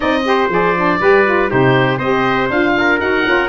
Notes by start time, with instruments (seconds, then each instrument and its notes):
0.00 tuba C4, saxophone D#4, trumpet D5, oboe D#5
0.25 saxophone G4, trumpet C5
0.49 tuba F3, saxophone G#4, oboe D5
0.76 saxophone D4
1.00 tuba G3, saxophone G4, trumpet B4
1.25 saxophone F4
1.49 tuba C3, saxophone D#4, trumpet G4, oboe C5
1.97 tuba C4, saxophone G4, trumpet C5, oboe D#5
2.49 tuba D4, saxophone F4, oboe F5
2.77 trumpet A#4
2.99 tuba D#4, saxophone F#4, oboe F#5
3.25 tuba C#4, saxophone F4